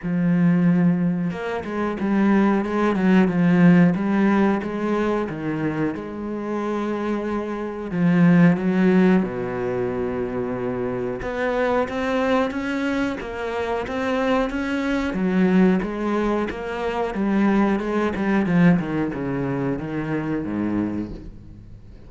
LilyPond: \new Staff \with { instrumentName = "cello" } { \time 4/4 \tempo 4 = 91 f2 ais8 gis8 g4 | gis8 fis8 f4 g4 gis4 | dis4 gis2. | f4 fis4 b,2~ |
b,4 b4 c'4 cis'4 | ais4 c'4 cis'4 fis4 | gis4 ais4 g4 gis8 g8 | f8 dis8 cis4 dis4 gis,4 | }